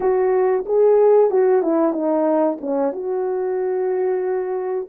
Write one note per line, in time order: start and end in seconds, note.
0.00 0.64 F#4
0.65 1.30 G#4
1.30 1.62 F#4
1.62 1.92 E4
1.92 2.58 D#4
2.61 2.92 C#4
2.92 4.88 F#4